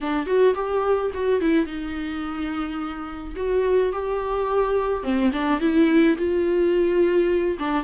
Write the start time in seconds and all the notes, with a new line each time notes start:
0.01 D4
0.26 F#4
0.55 G4
1.14 F#4
1.40 E4
1.66 D#4
3.36 F#4
3.92 G4
5.03 C4
5.32 D4
5.60 E4
6.17 F4
7.59 D4